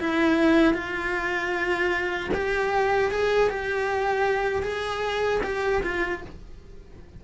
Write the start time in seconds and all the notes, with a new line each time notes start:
0.00 E4
0.74 F4
2.34 G4
3.11 G#4
3.49 G4
4.63 G#4
5.43 G4
5.83 F4